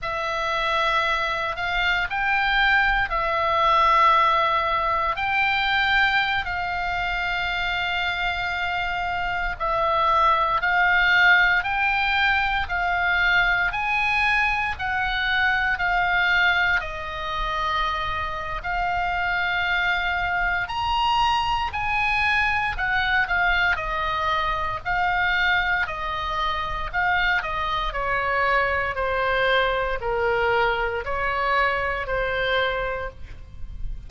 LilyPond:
\new Staff \with { instrumentName = "oboe" } { \time 4/4 \tempo 4 = 58 e''4. f''8 g''4 e''4~ | e''4 g''4~ g''16 f''4.~ f''16~ | f''4~ f''16 e''4 f''4 g''8.~ | g''16 f''4 gis''4 fis''4 f''8.~ |
f''16 dis''4.~ dis''16 f''2 | ais''4 gis''4 fis''8 f''8 dis''4 | f''4 dis''4 f''8 dis''8 cis''4 | c''4 ais'4 cis''4 c''4 | }